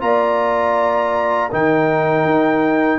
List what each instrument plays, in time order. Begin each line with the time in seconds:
0.00 tuba A#3, trombone F4, horn D5, trumpet A#5
1.50 tuba D#3, trombone D#4, horn A#4, trumpet G5
2.25 tuba D#4